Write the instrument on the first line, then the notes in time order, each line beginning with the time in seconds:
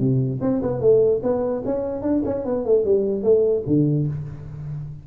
tuba
0.00 C3
0.42 C4
0.62 B3
0.81 A3
1.23 B3
1.65 C#4
2.02 D4
2.25 C#4
2.45 B3
2.66 A3
2.85 G3
3.23 A3
3.67 D3